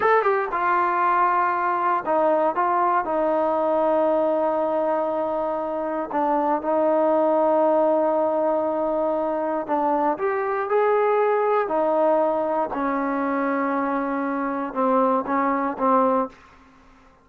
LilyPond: \new Staff \with { instrumentName = "trombone" } { \time 4/4 \tempo 4 = 118 a'8 g'8 f'2. | dis'4 f'4 dis'2~ | dis'1 | d'4 dis'2.~ |
dis'2. d'4 | g'4 gis'2 dis'4~ | dis'4 cis'2.~ | cis'4 c'4 cis'4 c'4 | }